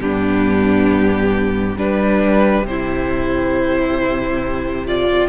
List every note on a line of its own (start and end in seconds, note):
0.00 1.76 G2
0.00 1.77 B3
0.00 1.78 D4
0.00 1.77 G4
1.76 2.62 G3
1.76 2.65 D4
1.76 5.28 G4
1.76 2.66 B4
2.62 5.27 C3
2.62 4.87 C5
2.70 4.87 E4
4.87 5.28 F4
4.87 5.28 D5